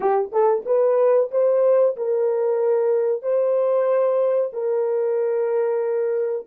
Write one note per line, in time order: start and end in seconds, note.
0.00 0.31 G4
0.32 0.64 A4
0.65 1.30 B4
1.31 1.95 C5
1.96 3.22 A#4
3.22 4.51 C5
4.52 6.46 A#4